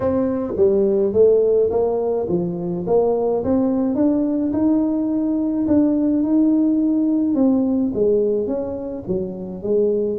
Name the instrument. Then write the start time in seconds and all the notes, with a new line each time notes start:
tuba
0.00 C4
0.56 G3
1.12 A3
1.70 A#3
2.28 F3
2.87 A#3
3.43 C4
3.95 D4
4.52 D#4
5.67 D4
6.22 D#4
7.35 C4
7.94 G#3
8.47 C#4
9.07 F#3
9.62 G#3